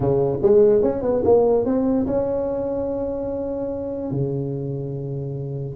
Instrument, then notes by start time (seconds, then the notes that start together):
tuba
0.00 C#3
0.42 G#3
0.82 C#4
1.02 B3
1.24 A#3
1.65 C4
2.07 C#4
4.11 C#3